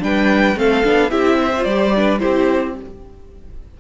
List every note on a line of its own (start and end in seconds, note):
0.00 0.56 G3
0.00 0.55 D4
0.00 0.59 B4
0.00 0.58 G5
0.56 0.83 A3
0.56 0.84 C4
0.56 1.11 A4
0.56 1.11 F5
0.84 1.11 B3
0.84 1.10 D4
1.10 1.65 C4
1.10 1.52 E4
1.10 1.38 G4
1.10 1.64 E5
1.41 1.96 C5
1.57 1.69 F4
1.64 2.20 G3
1.64 1.95 G4
1.64 2.19 D5
1.95 2.19 D4
1.95 2.22 B4
2.19 2.74 E4
2.19 2.77 G4
2.19 2.74 C5
2.25 2.80 C4